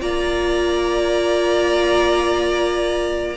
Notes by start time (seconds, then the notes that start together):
0.00 A#3 F4 D5 A#5